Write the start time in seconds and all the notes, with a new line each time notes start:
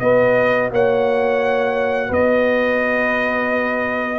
0.00 B3 F#4 B4 D#5
0.71 A#3 C#5 F#5
2.09 B3 B4 D#5